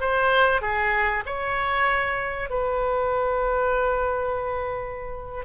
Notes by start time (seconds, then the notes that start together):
0.00 C5
0.61 G#4
1.26 C#5
2.49 B4